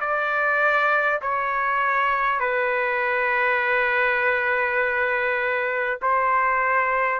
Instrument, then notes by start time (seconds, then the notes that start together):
trumpet
0.00 D5
1.21 C#5
2.39 B4
6.01 C5